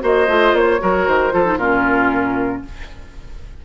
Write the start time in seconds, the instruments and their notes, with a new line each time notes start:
0.00 bassoon A#3, clarinet F#4, oboe C5, flute D#5
0.27 bassoon A3, clarinet F4
0.53 bassoon A#3, flute C#5
0.79 bassoon F#3, clarinet F#4, oboe A#4
1.07 bassoon D#3, flute C5
1.31 bassoon F3, clarinet F4, oboe A4
1.45 clarinet D#4
1.56 bassoon A#2, clarinet C#4, oboe F4, flute A#4